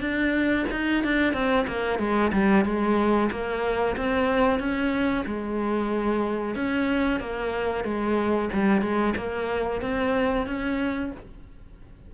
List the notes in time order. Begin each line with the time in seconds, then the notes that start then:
0.00 D4
0.71 D#4
1.03 D4
1.33 C4
1.67 A#3
1.99 G#3
2.32 G3
2.65 G#3
3.31 A#3
3.96 C4
4.59 C#4
5.26 G#3
6.55 C#4
7.20 A#3
7.84 G#3
8.53 G3
8.81 G#3
9.16 A#3
9.81 C4
10.46 C#4